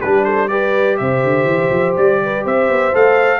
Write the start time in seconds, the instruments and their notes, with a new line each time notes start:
0.00 tuba G3, trombone D4, horn G4, trumpet B4
0.25 horn A4, trumpet C5
0.48 trombone G4, horn B4, trumpet D5
0.97 tuba C3, horn C5, trumpet E5
1.24 tuba D3
1.44 tuba E3
1.70 tuba F3
1.97 tuba G3, trumpet D5
2.24 horn B4
2.44 tuba C4, horn C5, trumpet E5
2.69 tuba B3
2.93 tuba A3, trombone A4, trumpet F5